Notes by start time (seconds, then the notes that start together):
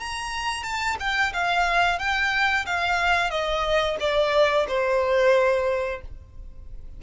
0.00 A#5
0.63 A5
1.00 G5
1.33 F5
1.99 G5
2.66 F5
3.31 D#5
4.00 D5
4.68 C5